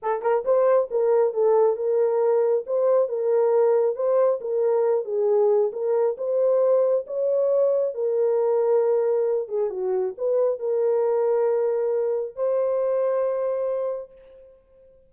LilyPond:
\new Staff \with { instrumentName = "horn" } { \time 4/4 \tempo 4 = 136 a'8 ais'8 c''4 ais'4 a'4 | ais'2 c''4 ais'4~ | ais'4 c''4 ais'4. gis'8~ | gis'4 ais'4 c''2 |
cis''2 ais'2~ | ais'4. gis'8 fis'4 b'4 | ais'1 | c''1 | }